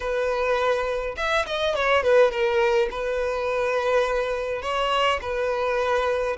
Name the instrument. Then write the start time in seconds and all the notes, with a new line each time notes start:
violin
0.00 B4
1.16 E5
1.46 D#5
1.75 C#5
2.02 B4
2.31 A#4
2.91 B4
4.62 C#5
5.21 B4